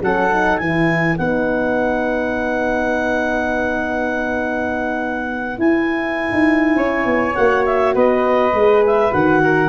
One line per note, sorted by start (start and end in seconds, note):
0.00 0.59 F#3
0.00 0.29 C#4
0.00 0.62 A4
0.00 0.57 F#5
0.31 0.60 D#4
0.57 1.18 E3
0.57 1.18 E4
0.57 6.76 B4
0.57 1.16 G#5
1.17 5.58 B3
1.17 5.59 D#4
1.17 5.58 F#5
5.58 6.31 E4
5.58 7.35 E4
5.58 7.35 G#5
6.31 6.75 D#4
6.75 7.05 C#4
6.75 7.94 C#5
7.05 7.34 B3
7.35 7.95 A#3
7.35 8.53 F#4
7.35 7.64 F#5
7.65 7.94 E5
7.94 8.53 B3
7.94 9.41 B4
7.94 8.83 D#5
8.53 9.12 G#3
8.53 9.10 G#4
8.86 9.12 E5
9.10 9.69 D#3
9.10 9.69 F#4
9.10 9.69 F#5
9.43 9.69 A#4